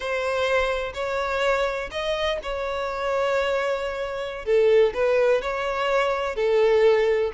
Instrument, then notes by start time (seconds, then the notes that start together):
violin
0.00 C5
0.94 C#5
1.91 D#5
2.42 C#5
4.45 A4
4.94 B4
5.41 C#5
6.35 A4